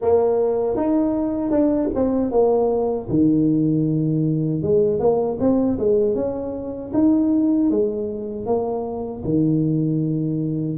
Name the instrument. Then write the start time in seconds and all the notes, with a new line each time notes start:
tuba
0.01 A#3
0.76 D#4
1.50 D4
1.94 C4
2.31 A#3
3.09 D#3
4.62 G#3
4.99 A#3
5.40 C4
5.79 G#3
6.15 C#4
6.93 D#4
7.70 G#3
8.46 A#3
9.24 D#3